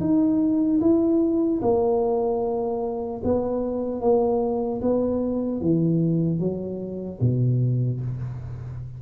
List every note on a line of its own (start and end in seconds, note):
0.00 0.80 D#4
0.81 1.61 E4
1.62 3.22 A#3
3.24 4.01 B3
4.01 4.81 A#3
4.81 5.61 B3
5.61 6.39 E3
6.39 7.19 F#3
7.20 8.00 B2